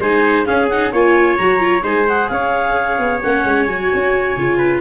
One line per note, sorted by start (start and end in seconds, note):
0.00 0.46 G#3
0.00 0.46 D#4
0.00 0.47 C5
0.00 0.46 G#5
0.46 0.69 C#4
0.46 0.93 C#4
0.46 0.93 G#4
0.46 0.69 F5
0.70 0.94 D#4
0.70 0.93 F#5
0.93 1.39 A#3
0.93 1.40 F4
0.93 1.84 C#5
0.93 1.38 G#5
1.38 1.83 F#3
1.38 1.60 F#4
1.38 1.83 A#5
1.60 1.83 F4
1.83 2.29 G#3
1.83 2.06 D#4
1.83 2.30 C5
1.83 2.08 G#5
2.08 3.24 G#4
2.08 2.29 F#5
2.29 2.99 C#4
2.29 4.58 C#5
2.29 3.21 F5
2.99 3.22 B3
3.23 3.45 A#3
3.23 3.69 C#4
3.23 3.65 F#5
3.45 3.67 G#3
3.65 3.90 F#3
3.65 4.37 F#4
3.65 4.80 G#5
3.94 4.37 C#4
4.37 4.82 C#3
4.37 4.82 F4
4.58 4.81 B4